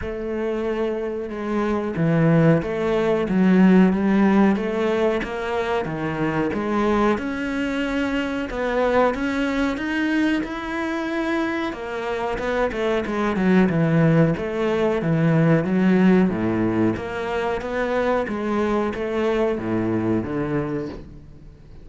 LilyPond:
\new Staff \with { instrumentName = "cello" } { \time 4/4 \tempo 4 = 92 a2 gis4 e4 | a4 fis4 g4 a4 | ais4 dis4 gis4 cis'4~ | cis'4 b4 cis'4 dis'4 |
e'2 ais4 b8 a8 | gis8 fis8 e4 a4 e4 | fis4 a,4 ais4 b4 | gis4 a4 a,4 d4 | }